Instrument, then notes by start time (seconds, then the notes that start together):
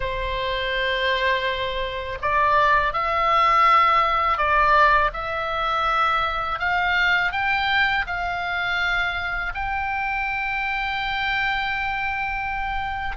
oboe
0.00 C5
2.22 D5
2.93 E5
4.37 D5
5.13 E5
6.59 F5
7.32 G5
8.06 F5
9.54 G5